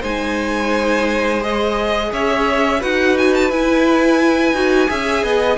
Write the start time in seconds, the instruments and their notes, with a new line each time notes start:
0.00 cello G#3, viola D#4, violin C5 G#5
1.40 viola G#4, violin D#5
2.12 cello C#4, violin C#5 E5
2.80 cello D#4, viola F#4, violin B4 F#5
3.17 violin G#5
3.34 violin A5
3.50 cello E4, viola E4, violin G#5
4.53 cello D#4, viola F#4
4.87 cello C#4, viola G#4, violin E5
5.23 cello B3, violin D#5